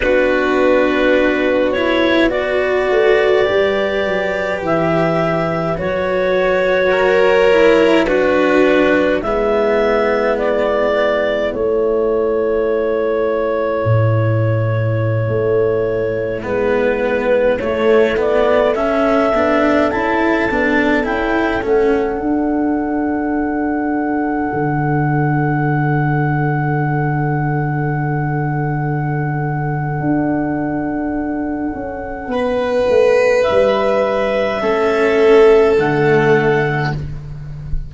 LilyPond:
<<
  \new Staff \with { instrumentName = "clarinet" } { \time 4/4 \tempo 4 = 52 b'4. cis''8 d''2 | e''4 cis''2 b'4 | e''4 d''4 cis''2~ | cis''2~ cis''16 b'4 cis''8 d''16~ |
d''16 e''4 a''4 g''8 fis''4~ fis''16~ | fis''1~ | fis''1~ | fis''4 e''2 fis''4 | }
  \new Staff \with { instrumentName = "violin" } { \time 4/4 fis'2 b'2~ | b'2 ais'4 fis'4 | e'1~ | e'1~ |
e'16 a'2.~ a'8.~ | a'1~ | a'1 | b'2 a'2 | }
  \new Staff \with { instrumentName = "cello" } { \time 4/4 d'4. e'8 fis'4 g'4~ | g'4 fis'4. e'8 d'4 | b2 a2~ | a2~ a16 b4 a8 b16~ |
b16 cis'8 d'8 e'8 d'8 e'8 cis'8 d'8.~ | d'1~ | d'1~ | d'2 cis'4 a4 | }
  \new Staff \with { instrumentName = "tuba" } { \time 4/4 b2~ b8 a8 g8 fis8 | e4 fis2. | gis2 a2 | a,4~ a,16 a4 gis4 a8.~ |
a8. b8 cis'8 b8 cis'8 a8 d'8.~ | d'4~ d'16 d2~ d8.~ | d2 d'4. cis'8 | b8 a8 g4 a4 d4 | }
>>